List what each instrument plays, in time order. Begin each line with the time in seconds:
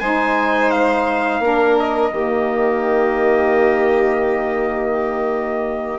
0.00 bassoon G#3, saxophone D#4, violin C5, trumpet G#5
0.71 trumpet F5
1.40 bassoon A#3, saxophone D4, violin A#4
1.80 trumpet D#5
2.12 bassoon D#3, saxophone A#3, violin G4